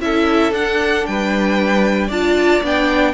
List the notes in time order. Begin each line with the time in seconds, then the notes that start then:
0.00 C#4 E4 A4 E5
0.51 D4 F#5
1.06 G3 B4 G5
2.07 D4 F4 D5 A5
2.63 B3 D4 G5